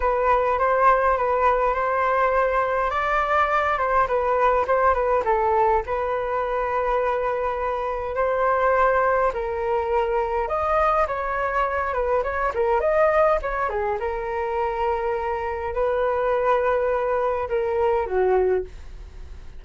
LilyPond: \new Staff \with { instrumentName = "flute" } { \time 4/4 \tempo 4 = 103 b'4 c''4 b'4 c''4~ | c''4 d''4. c''8 b'4 | c''8 b'8 a'4 b'2~ | b'2 c''2 |
ais'2 dis''4 cis''4~ | cis''8 b'8 cis''8 ais'8 dis''4 cis''8 gis'8 | ais'2. b'4~ | b'2 ais'4 fis'4 | }